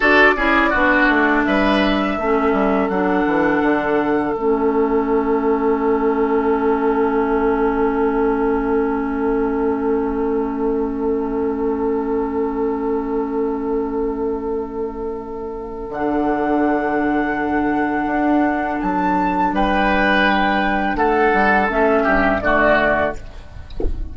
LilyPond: <<
  \new Staff \with { instrumentName = "flute" } { \time 4/4 \tempo 4 = 83 d''2 e''2 | fis''2 e''2~ | e''1~ | e''1~ |
e''1~ | e''2 fis''2~ | fis''2 a''4 g''4~ | g''4 fis''4 e''4 d''4 | }
  \new Staff \with { instrumentName = "oboe" } { \time 4/4 a'8 gis'8 fis'4 b'4 a'4~ | a'1~ | a'1~ | a'1~ |
a'1~ | a'1~ | a'2. b'4~ | b'4 a'4. g'8 fis'4 | }
  \new Staff \with { instrumentName = "clarinet" } { \time 4/4 fis'8 e'8 d'2 cis'4 | d'2 cis'2~ | cis'1~ | cis'1~ |
cis'1~ | cis'2 d'2~ | d'1~ | d'2 cis'4 a4 | }
  \new Staff \with { instrumentName = "bassoon" } { \time 4/4 d'8 cis'8 b8 a8 g4 a8 g8 | fis8 e8 d4 a2~ | a1~ | a1~ |
a1~ | a2 d2~ | d4 d'4 fis4 g4~ | g4 a8 g8 a8 g,8 d4 | }
>>